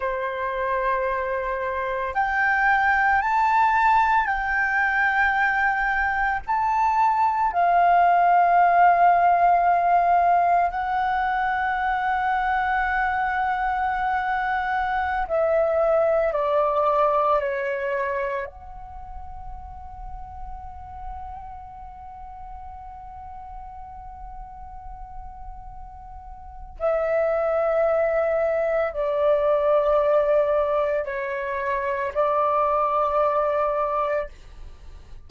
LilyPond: \new Staff \with { instrumentName = "flute" } { \time 4/4 \tempo 4 = 56 c''2 g''4 a''4 | g''2 a''4 f''4~ | f''2 fis''2~ | fis''2~ fis''16 e''4 d''8.~ |
d''16 cis''4 fis''2~ fis''8.~ | fis''1~ | fis''4 e''2 d''4~ | d''4 cis''4 d''2 | }